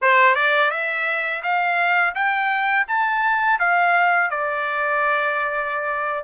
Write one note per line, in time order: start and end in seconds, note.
0.01 0.35 C5
0.35 0.70 D5
0.70 1.42 E5
1.43 2.14 F5
2.14 2.86 G5
2.87 3.59 A5
3.59 4.30 F5
4.30 6.24 D5